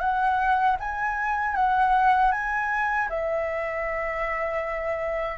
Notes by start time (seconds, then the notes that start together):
0.00 F#5
0.80 G#5
1.56 F#5
2.32 G#5
3.09 E5